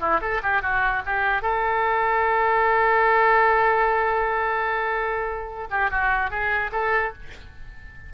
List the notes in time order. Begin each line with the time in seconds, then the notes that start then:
0.00 E4
0.21 A4
0.43 G4
0.62 F#4
1.06 G4
1.42 A4
5.70 G4
5.90 F#4
6.30 G#4
6.72 A4